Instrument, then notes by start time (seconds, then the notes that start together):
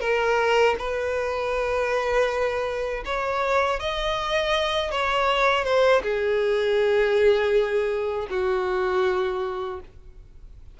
violin
0.00 A#4
0.78 B4
3.05 C#5
3.79 D#5
4.91 C#5
5.64 C5
6.02 G#4
8.30 F#4